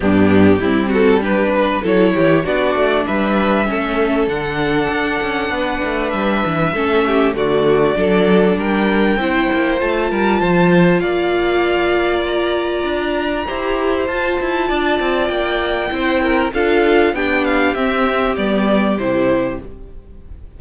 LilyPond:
<<
  \new Staff \with { instrumentName = "violin" } { \time 4/4 \tempo 4 = 98 g'4. a'8 b'4 cis''4 | d''4 e''2 fis''4~ | fis''2 e''2 | d''2 g''2 |
a''2 f''2 | ais''2. a''4~ | a''4 g''2 f''4 | g''8 f''8 e''4 d''4 c''4 | }
  \new Staff \with { instrumentName = "violin" } { \time 4/4 d'4 e'8 fis'8 g'8 b'8 a'8 g'8 | fis'4 b'4 a'2~ | a'4 b'2 a'8 g'8 | fis'4 a'4 ais'4 c''4~ |
c''8 ais'8 c''4 d''2~ | d''2 c''2 | d''2 c''8 ais'8 a'4 | g'1 | }
  \new Staff \with { instrumentName = "viola" } { \time 4/4 b4 c'4 d'4 e'4 | d'2 cis'4 d'4~ | d'2. cis'4 | a4 d'2 e'4 |
f'1~ | f'2 g'4 f'4~ | f'2 e'4 f'4 | d'4 c'4 b4 e'4 | }
  \new Staff \with { instrumentName = "cello" } { \time 4/4 g,4 g2 fis8 e8 | b8 a8 g4 a4 d4 | d'8 cis'8 b8 a8 g8 e8 a4 | d4 fis4 g4 c'8 ais8 |
a8 g8 f4 ais2~ | ais4 d'4 e'4 f'8 e'8 | d'8 c'8 ais4 c'4 d'4 | b4 c'4 g4 c4 | }
>>